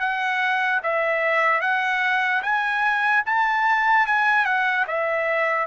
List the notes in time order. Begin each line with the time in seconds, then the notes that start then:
0.00 F#5
0.83 E5
1.61 F#5
2.43 G#5
3.26 A5
4.07 G#5
4.45 F#5
4.88 E5